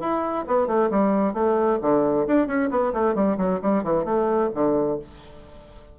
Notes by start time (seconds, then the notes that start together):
0.00 E4
0.47 B3
0.67 A3
0.90 G3
1.33 A3
1.81 D3
2.27 D4
2.47 C#4
2.70 B3
2.93 A3
3.15 G3
3.37 F#3
3.62 G3
3.83 E3
4.05 A3
4.54 D3